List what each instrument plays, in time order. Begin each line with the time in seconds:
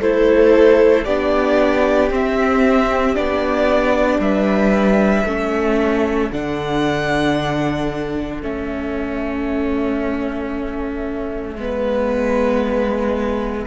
0.00 cello A3, viola E4, violin A4 C5
1.04 cello B3, viola D4, violin G4 D5
2.10 viola C4, cello C4, violin E5
3.15 cello B3, viola D4, violin D5
4.18 cello G3, violin B4 E5
5.24 cello A3, viola C#4, violin A4
6.31 cello D3, viola D4, violin F#5
8.42 cello A3, viola C#4, violin E5
11.55 cello G#3, viola B3, violin B4